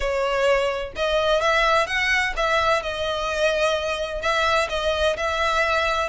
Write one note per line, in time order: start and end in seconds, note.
0.00 0.92 C#5
0.96 1.41 D#5
1.41 1.86 E5
1.86 2.33 F#5
2.36 2.82 E5
2.82 4.21 D#5
4.21 4.68 E5
4.69 5.16 D#5
5.16 6.09 E5